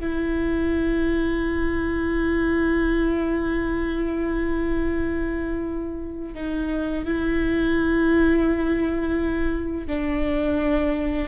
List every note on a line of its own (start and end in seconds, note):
0.00 6.35 E4
6.35 7.05 D#4
7.05 9.87 E4
9.88 11.28 D4